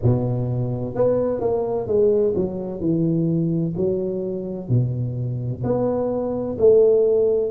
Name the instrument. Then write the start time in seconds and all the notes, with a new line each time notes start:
tuba
0.03 B2
0.94 B3
1.40 A#3
1.87 G#3
2.35 F#3
2.80 E3
3.76 F#3
4.68 B2
5.63 B3
6.58 A3